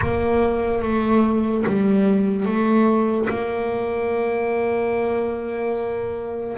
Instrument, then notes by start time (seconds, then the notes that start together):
double bass
0.01 A#3
0.82 A3
1.66 G3
2.45 A3
3.28 A#3